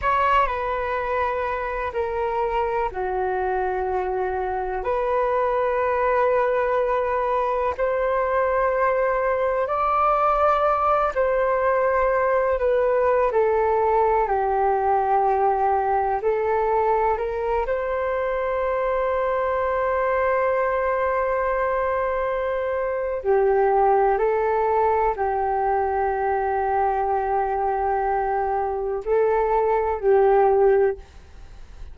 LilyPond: \new Staff \with { instrumentName = "flute" } { \time 4/4 \tempo 4 = 62 cis''8 b'4. ais'4 fis'4~ | fis'4 b'2. | c''2 d''4. c''8~ | c''4 b'8. a'4 g'4~ g'16~ |
g'8. a'4 ais'8 c''4.~ c''16~ | c''1 | g'4 a'4 g'2~ | g'2 a'4 g'4 | }